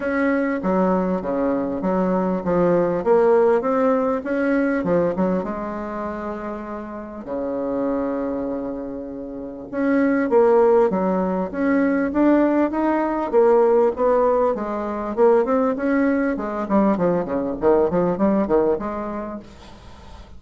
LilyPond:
\new Staff \with { instrumentName = "bassoon" } { \time 4/4 \tempo 4 = 99 cis'4 fis4 cis4 fis4 | f4 ais4 c'4 cis'4 | f8 fis8 gis2. | cis1 |
cis'4 ais4 fis4 cis'4 | d'4 dis'4 ais4 b4 | gis4 ais8 c'8 cis'4 gis8 g8 | f8 cis8 dis8 f8 g8 dis8 gis4 | }